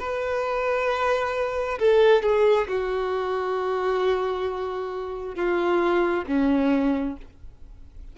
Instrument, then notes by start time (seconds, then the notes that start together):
violin
0.00 B4
1.80 A4
2.23 G#4
2.68 F#4
5.36 F4
6.28 C#4